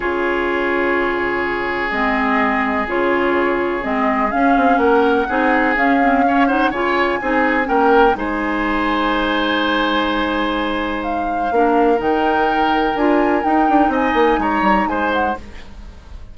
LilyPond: <<
  \new Staff \with { instrumentName = "flute" } { \time 4/4 \tempo 4 = 125 cis''1 | dis''2 cis''2 | dis''4 f''4 fis''2 | f''4. fis''8 gis''2 |
g''4 gis''2.~ | gis''2. f''4~ | f''4 g''2 gis''4 | g''4 gis''4 ais''4 gis''8 fis''8 | }
  \new Staff \with { instrumentName = "oboe" } { \time 4/4 gis'1~ | gis'1~ | gis'2 ais'4 gis'4~ | gis'4 cis''8 c''8 cis''4 gis'4 |
ais'4 c''2.~ | c''1 | ais'1~ | ais'4 dis''4 cis''4 c''4 | }
  \new Staff \with { instrumentName = "clarinet" } { \time 4/4 f'1 | c'2 f'2 | c'4 cis'2 dis'4 | cis'8 c'8 cis'8 dis'8 f'4 dis'4 |
cis'4 dis'2.~ | dis'1 | d'4 dis'2 f'4 | dis'1 | }
  \new Staff \with { instrumentName = "bassoon" } { \time 4/4 cis1 | gis2 cis2 | gis4 cis'8 c'8 ais4 c'4 | cis'2 cis4 c'4 |
ais4 gis2.~ | gis1 | ais4 dis2 d'4 | dis'8 d'8 c'8 ais8 gis8 g8 gis4 | }
>>